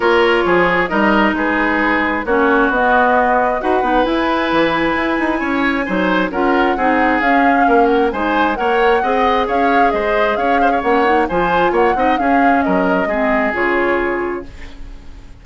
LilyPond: <<
  \new Staff \with { instrumentName = "flute" } { \time 4/4 \tempo 4 = 133 cis''2 dis''4 b'4~ | b'4 cis''4 dis''2 | fis''4 gis''2.~ | gis''2 fis''2 |
f''4. fis''8 gis''4 fis''4~ | fis''4 f''4 dis''4 f''4 | fis''4 gis''4 fis''4 f''4 | dis''2 cis''2 | }
  \new Staff \with { instrumentName = "oboe" } { \time 4/4 ais'4 gis'4 ais'4 gis'4~ | gis'4 fis'2. | b'1 | cis''4 c''4 ais'4 gis'4~ |
gis'4 ais'4 c''4 cis''4 | dis''4 cis''4 c''4 cis''8 c''16 cis''16~ | cis''4 c''4 cis''8 dis''8 gis'4 | ais'4 gis'2. | }
  \new Staff \with { instrumentName = "clarinet" } { \time 4/4 f'2 dis'2~ | dis'4 cis'4 b2 | fis'8 dis'8 e'2.~ | e'4 dis'4 f'4 dis'4 |
cis'2 dis'4 ais'4 | gis'1 | cis'8 dis'8 f'4. dis'8 cis'4~ | cis'4 c'4 f'2 | }
  \new Staff \with { instrumentName = "bassoon" } { \time 4/4 ais4 f4 g4 gis4~ | gis4 ais4 b2 | dis'8 b8 e'4 e4 e'8 dis'8 | cis'4 fis4 cis'4 c'4 |
cis'4 ais4 gis4 ais4 | c'4 cis'4 gis4 cis'4 | ais4 f4 ais8 c'8 cis'4 | fis4 gis4 cis2 | }
>>